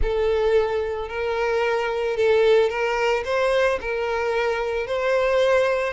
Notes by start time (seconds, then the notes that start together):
0.01 A4
1.08 A#4
2.16 A4
2.69 A#4
3.25 C5
3.80 A#4
4.86 C5